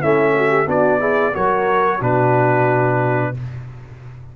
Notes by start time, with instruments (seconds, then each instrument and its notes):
0.00 tuba A3, trombone C#4, horn E4, trumpet E5
0.36 horn F#4
0.50 horn G4
0.66 tuba B3, trombone D4, horn F#4, trumpet D5
1.00 trombone E4, horn G#4
1.33 tuba F#3, trombone F#4, horn A#4, trumpet C#5
1.99 tuba B2, trombone D4, horn F#4, trumpet B4